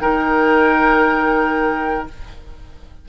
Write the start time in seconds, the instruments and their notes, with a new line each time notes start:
0.00 bassoon D#3, clarinet D#4, oboe A#4, flute G5